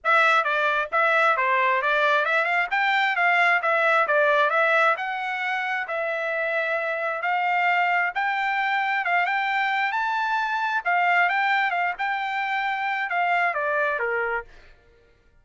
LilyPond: \new Staff \with { instrumentName = "trumpet" } { \time 4/4 \tempo 4 = 133 e''4 d''4 e''4 c''4 | d''4 e''8 f''8 g''4 f''4 | e''4 d''4 e''4 fis''4~ | fis''4 e''2. |
f''2 g''2 | f''8 g''4. a''2 | f''4 g''4 f''8 g''4.~ | g''4 f''4 d''4 ais'4 | }